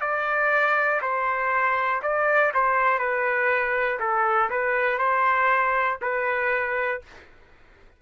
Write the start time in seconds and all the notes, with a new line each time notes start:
0.00 D5
1.01 C5
2.02 D5
2.54 C5
2.99 B4
4.00 A4
4.50 B4
4.98 C5
6.01 B4